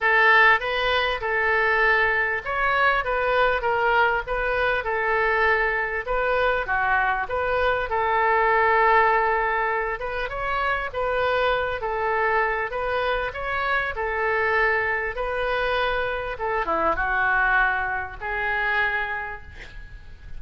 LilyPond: \new Staff \with { instrumentName = "oboe" } { \time 4/4 \tempo 4 = 99 a'4 b'4 a'2 | cis''4 b'4 ais'4 b'4 | a'2 b'4 fis'4 | b'4 a'2.~ |
a'8 b'8 cis''4 b'4. a'8~ | a'4 b'4 cis''4 a'4~ | a'4 b'2 a'8 e'8 | fis'2 gis'2 | }